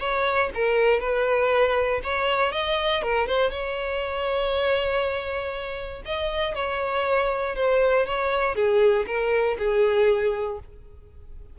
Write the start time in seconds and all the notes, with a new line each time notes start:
0.00 C#5
0.55 A#4
1.00 B4
2.04 C#5
2.53 D#5
3.03 A#4
3.27 C5
3.51 C#5
6.05 D#5
6.55 C#5
7.56 C5
8.06 C#5
8.56 G#4
9.07 A#4
9.59 G#4